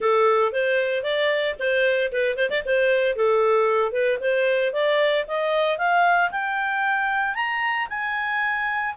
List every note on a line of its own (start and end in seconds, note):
0.00 0.52 A4
0.52 1.03 C5
1.03 1.55 D5
1.59 2.11 C5
2.12 2.36 B4
2.36 2.49 C5
2.50 2.63 D5
2.65 3.16 C5
3.16 3.92 A4
3.92 4.18 B4
4.20 4.72 C5
4.72 5.25 D5
5.27 5.78 D#5
5.78 6.30 F5
6.31 7.34 G5
7.34 7.87 A#5
7.89 8.94 G#5